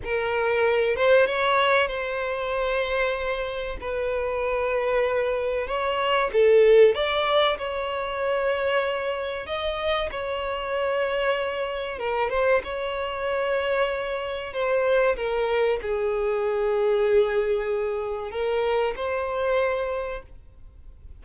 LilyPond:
\new Staff \with { instrumentName = "violin" } { \time 4/4 \tempo 4 = 95 ais'4. c''8 cis''4 c''4~ | c''2 b'2~ | b'4 cis''4 a'4 d''4 | cis''2. dis''4 |
cis''2. ais'8 c''8 | cis''2. c''4 | ais'4 gis'2.~ | gis'4 ais'4 c''2 | }